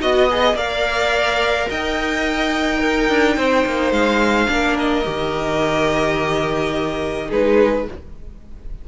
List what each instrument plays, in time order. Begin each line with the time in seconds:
0.00 cello B3, viola F#4, violin D#5
0.30 viola G#4
0.54 cello A#3, viola A#4, violin D5 F5
1.69 cello D#4, violin D#5 G5
2.78 viola D#4, violin A#4
3.09 cello D4
3.37 cello C4, violin C5
3.65 cello A#3
3.91 cello G#3, violin F5
4.46 cello A#3, viola D4
4.53 violin A#4
4.78 violin D#5
5.04 cello D#3, viola G4
7.27 cello G#3, viola D#4, violin G#4 B4